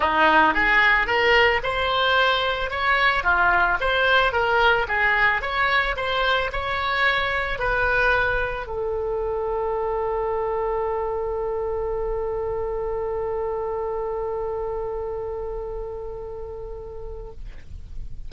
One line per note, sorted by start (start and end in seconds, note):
0.00 0.54 D#4
0.54 1.06 G#4
1.06 1.60 A#4
1.63 2.70 C5
2.70 3.23 C#5
3.23 3.77 F4
3.80 4.32 C5
4.32 4.86 A#4
4.87 5.41 G#4
5.41 5.95 C#5
5.96 6.50 C5
6.52 7.58 C#5
7.58 8.66 B4
8.66 17.31 A4